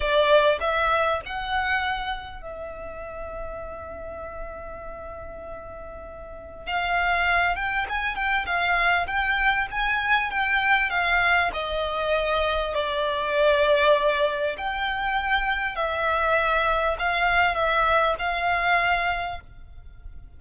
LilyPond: \new Staff \with { instrumentName = "violin" } { \time 4/4 \tempo 4 = 99 d''4 e''4 fis''2 | e''1~ | e''2. f''4~ | f''8 g''8 gis''8 g''8 f''4 g''4 |
gis''4 g''4 f''4 dis''4~ | dis''4 d''2. | g''2 e''2 | f''4 e''4 f''2 | }